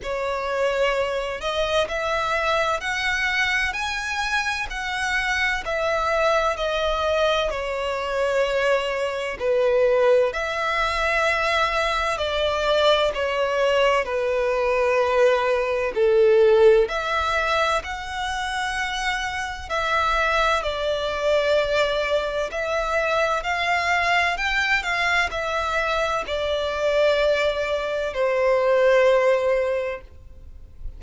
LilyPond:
\new Staff \with { instrumentName = "violin" } { \time 4/4 \tempo 4 = 64 cis''4. dis''8 e''4 fis''4 | gis''4 fis''4 e''4 dis''4 | cis''2 b'4 e''4~ | e''4 d''4 cis''4 b'4~ |
b'4 a'4 e''4 fis''4~ | fis''4 e''4 d''2 | e''4 f''4 g''8 f''8 e''4 | d''2 c''2 | }